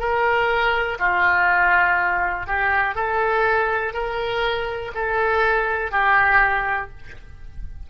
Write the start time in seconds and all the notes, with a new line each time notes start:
0.00 A#4
0.99 F4
2.47 G4
2.96 A4
3.94 A#4
4.95 A4
5.92 G4